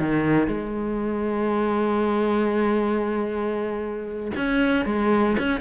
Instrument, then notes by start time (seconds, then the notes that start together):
cello
0.00 D#3
0.48 G#3
4.36 C#4
4.86 G#3
5.38 C#4